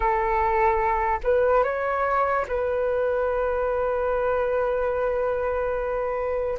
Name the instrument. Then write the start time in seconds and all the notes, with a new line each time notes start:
flute
0.00 A4
1.23 B4
1.63 C#5
2.47 B4